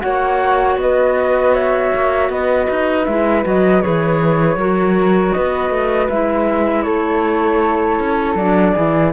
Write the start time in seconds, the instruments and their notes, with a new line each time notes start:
0.00 cello A#3, clarinet F#4, flute C#5 F#5
0.76 cello B3, flute B4 D#5
1.54 flute C#5 E5
1.95 cello A#3
2.29 cello B3, flute B4 D#5
2.69 cello D#4
3.05 cello G#3, clarinet E4, flute E5
3.43 cello F#3, clarinet F#4, flute D#5
3.81 cello E3, clarinet G#4, flute C#5
4.56 cello F#3, clarinet F#4, flute A#4
5.32 cello B3, flute B4 D#5
5.70 cello A3
6.08 cello G#3, clarinet E4, flute E5
6.82 cello A3, flute A4 C#5
7.99 cello C#4
8.35 cello F#3, clarinet D4, flute D5
8.73 cello E3, clarinet E4, flute G#4